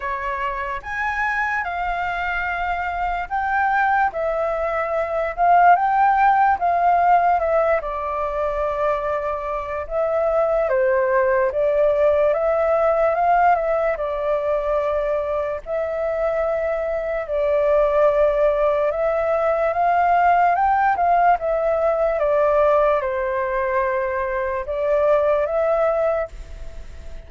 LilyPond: \new Staff \with { instrumentName = "flute" } { \time 4/4 \tempo 4 = 73 cis''4 gis''4 f''2 | g''4 e''4. f''8 g''4 | f''4 e''8 d''2~ d''8 | e''4 c''4 d''4 e''4 |
f''8 e''8 d''2 e''4~ | e''4 d''2 e''4 | f''4 g''8 f''8 e''4 d''4 | c''2 d''4 e''4 | }